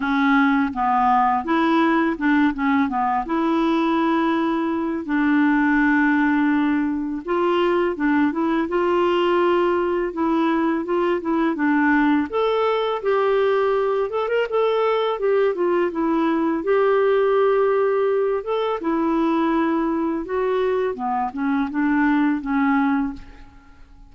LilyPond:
\new Staff \with { instrumentName = "clarinet" } { \time 4/4 \tempo 4 = 83 cis'4 b4 e'4 d'8 cis'8 | b8 e'2~ e'8 d'4~ | d'2 f'4 d'8 e'8 | f'2 e'4 f'8 e'8 |
d'4 a'4 g'4. a'16 ais'16 | a'4 g'8 f'8 e'4 g'4~ | g'4. a'8 e'2 | fis'4 b8 cis'8 d'4 cis'4 | }